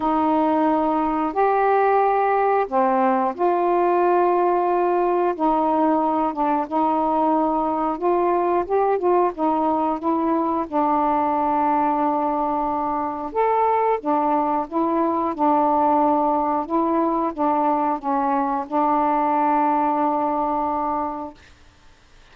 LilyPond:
\new Staff \with { instrumentName = "saxophone" } { \time 4/4 \tempo 4 = 90 dis'2 g'2 | c'4 f'2. | dis'4. d'8 dis'2 | f'4 g'8 f'8 dis'4 e'4 |
d'1 | a'4 d'4 e'4 d'4~ | d'4 e'4 d'4 cis'4 | d'1 | }